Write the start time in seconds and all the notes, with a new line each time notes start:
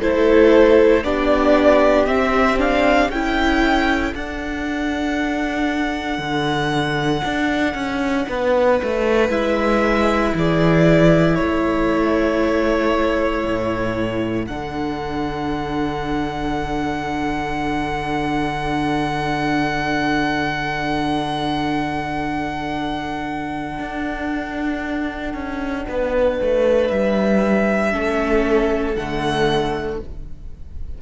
0.00 A3 E4 A4 C5
1.04 B3 D4 G4 D5
2.06 C4 E5
2.58 D4 F5
3.09 C#4 E4 A4 G5
4.14 D4 F#5
6.18 D3
7.24 D4
7.74 C#4
8.28 B3 B4
8.83 A3
9.29 G#3 E4 E5
10.34 E3 G#4 D5
11.35 A3 A4 C#5
13.44 A2
14.46 D3 D4 F#5
23.79 D4
25.34 C#4
25.87 B3 B4
26.41 A3
26.88 G3 E5
27.91 A3 C#4 A4
28.94 D3 A3 F#5